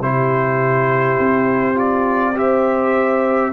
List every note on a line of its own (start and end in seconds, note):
0.00 1.18 C3
0.00 1.75 E4
0.00 2.36 G4
0.00 1.78 C5
1.19 3.52 C4
1.75 2.33 F4
1.75 2.37 D5
2.35 3.52 G4
2.35 3.52 C5
2.35 3.52 E5